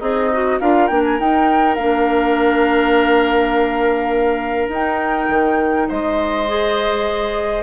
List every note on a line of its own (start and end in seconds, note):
0.00 0.60 C4
0.00 0.59 D#4
0.00 0.30 G#4
0.00 0.60 D#5
0.33 0.61 F#4
0.60 0.90 D4
0.60 0.90 F4
0.60 5.88 A#4
0.60 0.87 F5
0.87 1.19 A#3
0.87 1.19 D4
0.87 1.02 G5
1.04 1.19 G#5
1.19 1.77 D#4
1.19 1.78 D#4
1.19 1.75 G5
1.75 4.68 A#3
1.75 4.73 D4
1.75 4.69 F5
4.68 5.27 D#4
4.68 6.47 D#4
4.68 5.90 G5
5.30 5.88 D#3
5.88 7.63 G#3
5.88 7.63 C5
5.88 7.63 D#5
6.47 7.63 G#4